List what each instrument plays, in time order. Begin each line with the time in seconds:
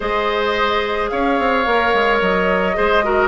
0.00 bassoon G#3, clarinet G#4, oboe C5, flute D#5
1.09 bassoon C#4, oboe C#5, flute F5
1.39 bassoon C4
1.65 bassoon A#3, clarinet A#4
1.93 bassoon G#3
2.21 bassoon F#3, flute D#5
2.74 bassoon G#3, clarinet G#4, oboe C5
3.03 clarinet F#4, oboe A#4